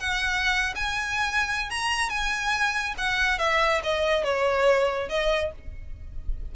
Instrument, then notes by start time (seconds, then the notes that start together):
violin
0.00 F#5
0.76 G#5
1.71 A#5
2.10 G#5
2.98 F#5
3.39 E5
3.84 D#5
4.24 C#5
5.09 D#5